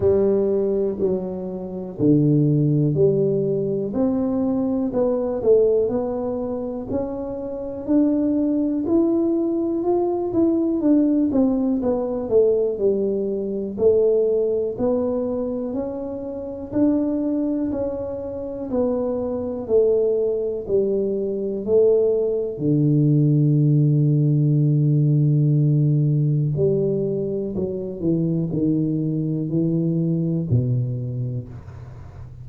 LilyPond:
\new Staff \with { instrumentName = "tuba" } { \time 4/4 \tempo 4 = 61 g4 fis4 d4 g4 | c'4 b8 a8 b4 cis'4 | d'4 e'4 f'8 e'8 d'8 c'8 | b8 a8 g4 a4 b4 |
cis'4 d'4 cis'4 b4 | a4 g4 a4 d4~ | d2. g4 | fis8 e8 dis4 e4 b,4 | }